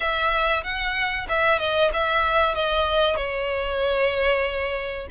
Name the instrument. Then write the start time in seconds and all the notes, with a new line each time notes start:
violin
0.00 E5
0.63 F#5
1.29 E5
1.58 D#5
1.93 E5
2.54 D#5
3.16 C#5